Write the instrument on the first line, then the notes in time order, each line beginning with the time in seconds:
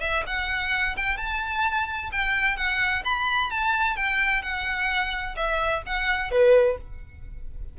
violin
0.00 E5
0.26 F#5
0.96 G5
1.17 A5
2.11 G5
2.56 F#5
3.04 B5
3.50 A5
3.96 G5
4.42 F#5
5.36 E5
5.86 F#5
6.31 B4